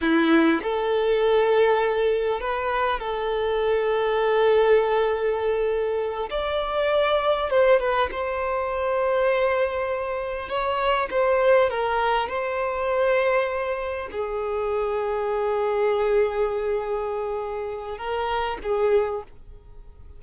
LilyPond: \new Staff \with { instrumentName = "violin" } { \time 4/4 \tempo 4 = 100 e'4 a'2. | b'4 a'2.~ | a'2~ a'8 d''4.~ | d''8 c''8 b'8 c''2~ c''8~ |
c''4. cis''4 c''4 ais'8~ | ais'8 c''2. gis'8~ | gis'1~ | gis'2 ais'4 gis'4 | }